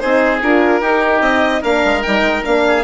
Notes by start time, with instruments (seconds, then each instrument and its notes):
0.00 bassoon C4, horn D#4, oboe G#4, violin C5
0.42 bassoon D4, horn F4, violin A#4
0.81 bassoon D#4, horn D#4, oboe G4
1.21 bassoon C4, violin D#5
1.62 bassoon A#3, horn D4, oboe A#4, violin F5
1.85 bassoon G#3
2.03 bassoon G3, horn D#4, violin G5
2.22 bassoon G#3
2.44 bassoon A#3, horn D4, violin F5
2.68 oboe G#4